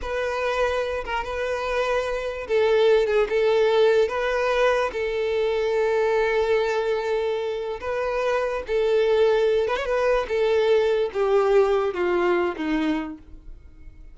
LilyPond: \new Staff \with { instrumentName = "violin" } { \time 4/4 \tempo 4 = 146 b'2~ b'8 ais'8 b'4~ | b'2 a'4. gis'8 | a'2 b'2 | a'1~ |
a'2. b'4~ | b'4 a'2~ a'8 b'16 cis''16 | b'4 a'2 g'4~ | g'4 f'4. dis'4. | }